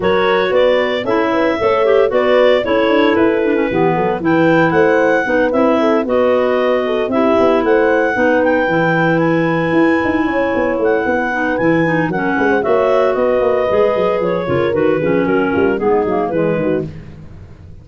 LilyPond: <<
  \new Staff \with { instrumentName = "clarinet" } { \time 4/4 \tempo 4 = 114 cis''4 d''4 e''2 | d''4 cis''4 b'2 | g''4 fis''4. e''4 dis''8~ | dis''4. e''4 fis''4. |
g''4. gis''2~ gis''8~ | gis''8 fis''4. gis''4 fis''4 | e''4 dis''2 cis''4 | b'4 ais'4 gis'4 b'4 | }
  \new Staff \with { instrumentName = "horn" } { \time 4/4 ais'4 b'4 a'8 b'8 cis''4 | b'4 a'2 g'8 a'8 | b'4 c''4 b'4 a'8 b'8~ | b'4 a'8 g'4 c''4 b'8~ |
b'2.~ b'8 cis''8~ | cis''4 b'2 ais'8 b'16 c''16 | cis''4 b'2~ b'8 ais'8~ | ais'8 gis'8 fis'8 f'8 dis'4 gis'8 fis'8 | }
  \new Staff \with { instrumentName = "clarinet" } { \time 4/4 fis'2 e'4 a'8 g'8 | fis'4 e'4. d'16 cis'16 b4 | e'2 dis'8 e'4 fis'8~ | fis'4. e'2 dis'8~ |
dis'8 e'2.~ e'8~ | e'4. dis'8 e'8 dis'8 cis'4 | fis'2 gis'4. f'8 | fis'8 cis'4. b8 ais8 gis4 | }
  \new Staff \with { instrumentName = "tuba" } { \time 4/4 fis4 b4 cis'4 a4 | b4 cis'8 d'8 e'4 e8 fis8 | e4 a4 b8 c'4 b8~ | b4. c'8 b8 a4 b8~ |
b8 e2 e'8 dis'8 cis'8 | b8 a8 b4 e4 fis8 gis8 | ais4 b8 ais8 gis8 fis8 f8 cis8 | dis8 f8 fis8 g8 gis8 fis8 e8 dis8 | }
>>